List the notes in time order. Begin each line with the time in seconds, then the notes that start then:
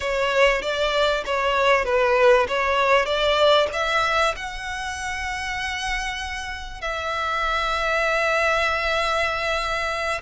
0.00 C#5
0.62 D5
1.25 C#5
1.84 B4
2.47 C#5
3.05 D5
3.73 E5
4.36 F#5
6.81 E5